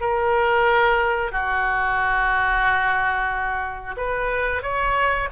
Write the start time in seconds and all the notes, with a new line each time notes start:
0.00 A#4
1.32 F#4
3.97 B4
4.62 C#5